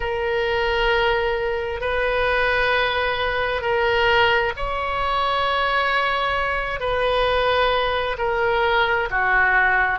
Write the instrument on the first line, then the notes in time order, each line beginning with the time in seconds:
oboe
0.00 A#4
1.81 B4
3.61 A#4
4.56 C#5
6.79 B4
8.18 A#4
9.10 F#4